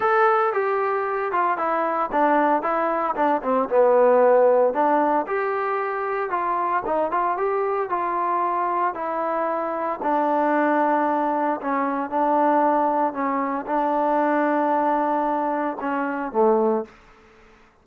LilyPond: \new Staff \with { instrumentName = "trombone" } { \time 4/4 \tempo 4 = 114 a'4 g'4. f'8 e'4 | d'4 e'4 d'8 c'8 b4~ | b4 d'4 g'2 | f'4 dis'8 f'8 g'4 f'4~ |
f'4 e'2 d'4~ | d'2 cis'4 d'4~ | d'4 cis'4 d'2~ | d'2 cis'4 a4 | }